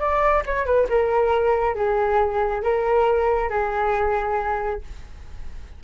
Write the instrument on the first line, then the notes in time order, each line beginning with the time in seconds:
flute
0.00 D5
0.46 C#5
0.66 B4
0.90 A#4
1.76 G#4
2.63 A#4
3.50 G#4